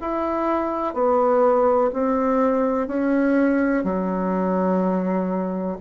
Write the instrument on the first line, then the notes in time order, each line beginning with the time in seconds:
bassoon
0.00 E4
0.93 B3
1.93 C4
2.87 C#4
3.83 F#3